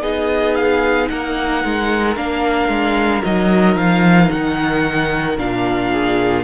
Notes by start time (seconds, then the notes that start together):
0.00 B3 D#4 G#4 D#5
0.55 F5
1.08 A#3 A#4 F#5
1.64 G#3
2.16 A#3 D4 F5
2.68 G#3
3.24 F#3 D#4 D#5
3.76 F3 F5
4.30 D#3 F#5
5.37 A#2 D4 F5
5.91 G#4